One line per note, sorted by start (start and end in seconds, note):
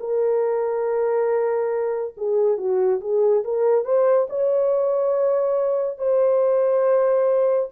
0.00 2.14 A#4
2.17 2.58 G#4
2.58 3.00 F#4
3.01 3.44 G#4
3.45 3.85 A#4
3.85 4.28 C5
4.30 5.98 C#5
5.98 7.70 C5